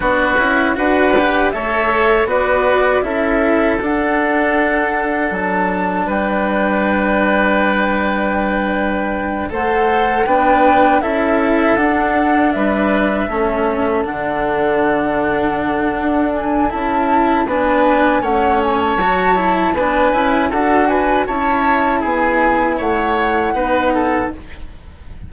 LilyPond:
<<
  \new Staff \with { instrumentName = "flute" } { \time 4/4 \tempo 4 = 79 b'4 fis''4 e''4 d''4 | e''4 fis''2 a''4 | g''1~ | g''8 fis''4 g''4 e''4 fis''8~ |
fis''8 e''2 fis''4.~ | fis''4. gis''8 a''4 gis''4 | fis''8 gis''16 a''4~ a''16 gis''4 fis''8 gis''8 | a''4 gis''4 fis''2 | }
  \new Staff \with { instrumentName = "oboe" } { \time 4/4 fis'4 b'4 cis''4 b'4 | a'1 | b'1~ | b'8 c''4 b'4 a'4.~ |
a'8 b'4 a'2~ a'8~ | a'2. b'4 | cis''2 b'4 a'8 b'8 | cis''4 gis'4 cis''4 b'8 a'8 | }
  \new Staff \with { instrumentName = "cello" } { \time 4/4 d'8 e'8 fis'8 g'8 a'4 fis'4 | e'4 d'2.~ | d'1~ | d'8 a'4 d'4 e'4 d'8~ |
d'4. cis'4 d'4.~ | d'2 e'4 d'4 | cis'4 fis'8 e'8 d'8 e'8 fis'4 | e'2. dis'4 | }
  \new Staff \with { instrumentName = "bassoon" } { \time 4/4 b8 cis'8 d'4 a4 b4 | cis'4 d'2 fis4 | g1~ | g8 a4 b4 cis'4 d'8~ |
d'8 g4 a4 d4.~ | d4 d'4 cis'4 b4 | a4 fis4 b8 cis'8 d'4 | cis'4 b4 a4 b4 | }
>>